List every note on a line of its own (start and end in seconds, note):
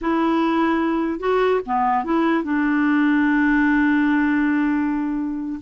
0.01 1.19 E4
1.19 1.60 F#4
1.66 2.04 B3
2.04 2.43 E4
2.43 5.59 D4